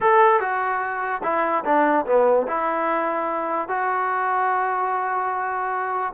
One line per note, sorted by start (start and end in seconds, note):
0.01 0.40 A4
0.40 1.21 F#4
1.23 1.63 E4
1.64 2.05 D4
2.06 2.46 B3
2.47 3.68 E4
3.68 6.13 F#4